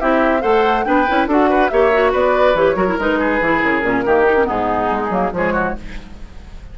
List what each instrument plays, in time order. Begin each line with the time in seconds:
0.00 bassoon C4, clarinet E4, oboe G4, flute E5
0.40 bassoon A3, clarinet A4, oboe C5, flute F#5
0.84 bassoon B3, clarinet D4, oboe B4, flute G5
1.08 bassoon C#4, clarinet E4
1.27 bassoon D4, clarinet F#4, oboe A4, flute F#5
1.49 oboe B4
1.69 bassoon A#3, clarinet G4, oboe C#5, flute E5
1.92 clarinet F#4
2.12 bassoon B3, oboe B4, flute D5
2.54 bassoon E3, clarinet G4, flute C#5
2.75 bassoon F#3, clarinet F#4, oboe A#4
2.87 clarinet E4
2.98 bassoon G#3, clarinet D#4, flute B4
3.19 oboe G#4
3.41 bassoon E3, clarinet E4
3.63 bassoon C#3, flute A#4
3.83 bassoon A#2, clarinet C#4
4.05 bassoon D#3, clarinet A#3, oboe G4
4.25 clarinet D#4
4.36 clarinet C#4
4.44 bassoon G#2, clarinet B3, oboe D#4, flute G#4
4.91 bassoon G#3
5.10 bassoon F#3, clarinet A#3
5.32 bassoon F3, clarinet G#3, oboe G#4, flute C#5
5.53 oboe F#4